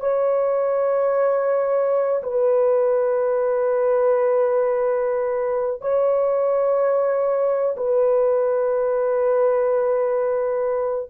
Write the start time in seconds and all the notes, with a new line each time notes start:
0.00 C#5
2.23 B4
5.81 C#5
7.77 B4